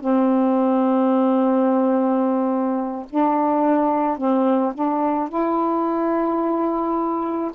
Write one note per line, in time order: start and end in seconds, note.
0.00 3.06 C4
3.10 4.17 D4
4.17 4.73 C4
4.74 5.28 D4
5.28 7.51 E4